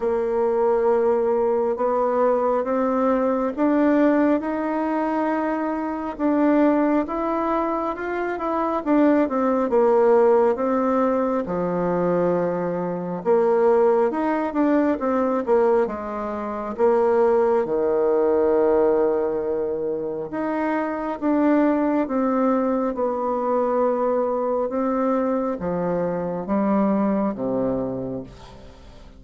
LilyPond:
\new Staff \with { instrumentName = "bassoon" } { \time 4/4 \tempo 4 = 68 ais2 b4 c'4 | d'4 dis'2 d'4 | e'4 f'8 e'8 d'8 c'8 ais4 | c'4 f2 ais4 |
dis'8 d'8 c'8 ais8 gis4 ais4 | dis2. dis'4 | d'4 c'4 b2 | c'4 f4 g4 c4 | }